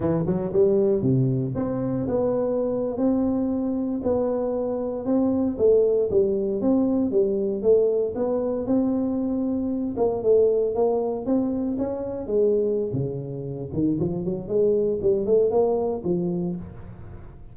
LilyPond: \new Staff \with { instrumentName = "tuba" } { \time 4/4 \tempo 4 = 116 e8 fis8 g4 c4 c'4 | b4.~ b16 c'2 b16~ | b4.~ b16 c'4 a4 g16~ | g8. c'4 g4 a4 b16~ |
b8. c'2~ c'8 ais8 a16~ | a8. ais4 c'4 cis'4 gis16~ | gis4 cis4. dis8 f8 fis8 | gis4 g8 a8 ais4 f4 | }